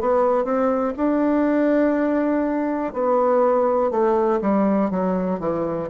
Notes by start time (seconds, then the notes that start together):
0.00 B3
0.44 C4
0.97 D4
2.93 B3
3.90 A3
4.41 G3
4.90 F#3
5.39 E3